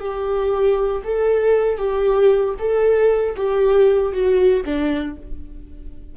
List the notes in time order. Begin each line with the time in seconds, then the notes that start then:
0.00 G4
1.04 A4
1.78 G4
2.59 A4
3.36 G4
4.13 F#4
4.65 D4